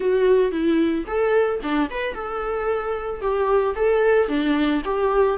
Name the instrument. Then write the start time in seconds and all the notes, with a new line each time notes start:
viola
0.00 F#4
0.51 E4
1.06 A4
1.62 D4
1.90 B4
2.14 A4
3.21 G4
3.75 A4
4.28 D4
4.85 G4